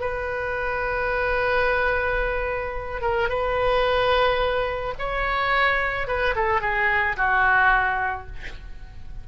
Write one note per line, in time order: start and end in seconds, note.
0.00 3.01 B4
3.01 3.29 A#4
3.29 4.94 B4
4.98 6.07 C#5
6.07 6.35 B4
6.35 6.61 A4
6.61 7.16 G#4
7.17 8.27 F#4